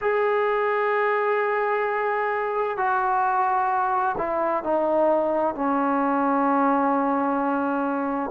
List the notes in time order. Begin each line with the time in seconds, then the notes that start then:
0.01 G#4
2.77 F#4
4.17 E4
4.63 D#4
5.54 C#4